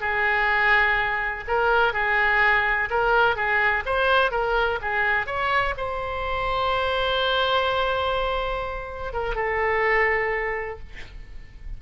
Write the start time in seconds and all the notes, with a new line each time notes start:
0.00 G#4
1.47 A#4
1.93 G#4
2.89 A#4
3.35 G#4
3.85 C5
4.31 A#4
4.81 G#4
5.26 C#5
5.77 C5
9.13 A#4
9.35 A4